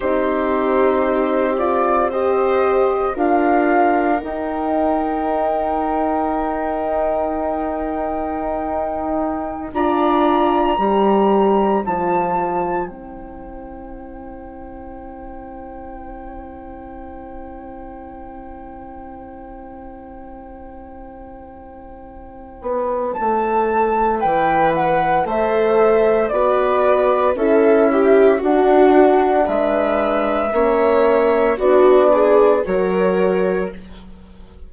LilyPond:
<<
  \new Staff \with { instrumentName = "flute" } { \time 4/4 \tempo 4 = 57 c''4. d''8 dis''4 f''4 | g''1~ | g''4~ g''16 ais''2 a''8.~ | a''16 g''2.~ g''8.~ |
g''1~ | g''2 a''4 g''8 fis''8 | e''4 d''4 e''4 fis''4 | e''2 d''4 cis''4 | }
  \new Staff \with { instrumentName = "viola" } { \time 4/4 g'2 c''4 ais'4~ | ais'1~ | ais'4~ ais'16 d''4 c''4.~ c''16~ | c''1~ |
c''1~ | c''2. b'4 | c''4 b'4 a'8 g'8 fis'4 | b'4 cis''4 fis'8 gis'8 ais'4 | }
  \new Staff \with { instrumentName = "horn" } { \time 4/4 dis'4. f'8 g'4 f'4 | dis'1~ | dis'4~ dis'16 f'4 g'4 f'8.~ | f'16 e'2.~ e'8.~ |
e'1~ | e'1 | a'4 fis'4 e'4 d'4~ | d'4 cis'4 d'4 fis'4 | }
  \new Staff \with { instrumentName = "bassoon" } { \time 4/4 c'2. d'4 | dis'1~ | dis'4~ dis'16 d'4 g4 f8.~ | f16 c'2.~ c'8.~ |
c'1~ | c'4. b8 a4 e4 | a4 b4 cis'4 d'4 | gis4 ais4 b4 fis4 | }
>>